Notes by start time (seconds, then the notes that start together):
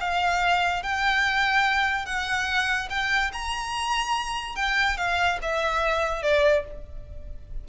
0.00 F5
0.83 G5
2.05 F#5
2.90 G5
3.33 A#5
4.56 G5
4.97 F5
5.42 E5
6.23 D5